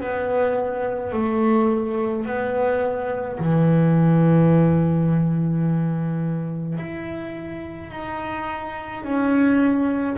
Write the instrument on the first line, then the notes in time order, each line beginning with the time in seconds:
double bass
0.00 B3
1.12 A3
2.25 B3
3.39 E3
6.78 E4
7.90 D#4
9.03 C#4